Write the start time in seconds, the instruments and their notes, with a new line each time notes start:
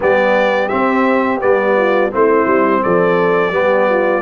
0.00 tuba G3, trombone B3, horn G4, trumpet D5
0.68 trombone C4, tuba C4, trumpet E5
1.40 tuba G3, trombone B3, trumpet D5
1.77 horn F4
2.11 tuba A3, trombone C4, horn E4, trumpet C5
2.45 tuba G3
2.82 tuba F3, horn A4, trumpet D5
3.51 tuba G3, trombone B3, horn G4
3.89 horn F4